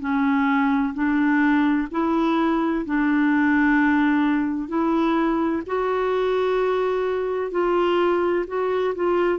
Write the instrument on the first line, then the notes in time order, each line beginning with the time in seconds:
clarinet
0.00 C#4
0.94 D4
1.91 E4
2.86 D4
4.68 E4
5.66 F#4
7.51 F4
8.47 F#4
8.95 F4